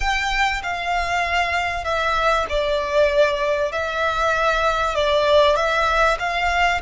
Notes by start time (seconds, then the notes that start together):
0.00 G5
0.62 F5
1.84 E5
2.49 D5
3.71 E5
4.95 D5
5.55 E5
6.19 F5